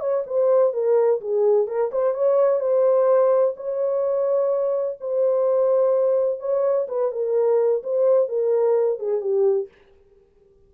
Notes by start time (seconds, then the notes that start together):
0.00 C#5
0.27 C5
0.73 A#4
1.21 G#4
1.67 A#4
1.92 C5
2.14 C#5
2.60 C5
3.56 C#5
5.00 C5
6.40 C#5
6.88 B4
7.12 A#4
7.83 C5
8.28 A#4
8.99 G#4
9.21 G4